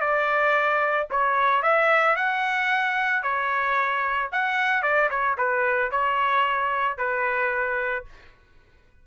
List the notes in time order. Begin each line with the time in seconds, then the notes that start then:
0.00 D5
1.10 C#5
1.62 E5
2.16 F#5
3.22 C#5
4.31 F#5
4.82 D5
5.10 C#5
5.37 B4
5.91 C#5
6.97 B4